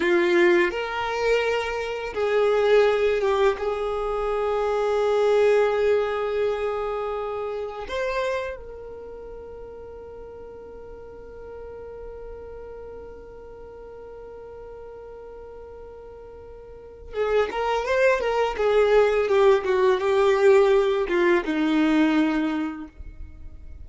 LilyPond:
\new Staff \with { instrumentName = "violin" } { \time 4/4 \tempo 4 = 84 f'4 ais'2 gis'4~ | gis'8 g'8 gis'2.~ | gis'2. c''4 | ais'1~ |
ais'1~ | ais'1 | gis'8 ais'8 c''8 ais'8 gis'4 g'8 fis'8 | g'4. f'8 dis'2 | }